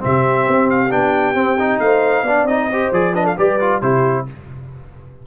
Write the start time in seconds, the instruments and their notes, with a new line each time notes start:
0.00 tuba C3, trombone C4, horn G4, trumpet E5
0.48 tuba C4
0.71 trumpet F5
0.90 tuba B3, trombone D4, trumpet G5
1.35 tuba C4, trombone C4
1.59 trombone D#4
1.80 tuba A3, horn C5, trumpet F5
2.23 tuba B3, trombone D4, horn D5
2.44 tuba C4, trombone D#4, trumpet D#5
2.70 trombone G4, horn C5
2.93 tuba F3, trombone G#4, trumpet D5
3.14 trombone D4, horn B4, trumpet D#5
3.24 horn A4, trumpet F5
3.37 tuba G3, trombone G4, horn B4, trumpet D5
3.61 trombone F4
3.82 tuba C3, trombone E4, horn G4, trumpet C5